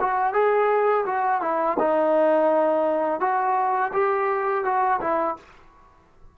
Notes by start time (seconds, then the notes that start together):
0.00 F#4
0.33 G#4
1.06 F#4
1.42 E4
1.79 D#4
3.20 F#4
3.93 G4
4.65 F#4
5.00 E4